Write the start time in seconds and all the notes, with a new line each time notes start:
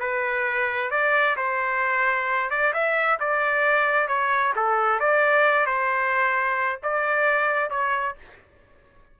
0.00 B4
0.91 D5
1.37 C5
2.50 D5
2.74 E5
3.20 D5
4.08 C#5
4.56 A4
5.00 D5
5.67 C5
6.83 D5
7.70 C#5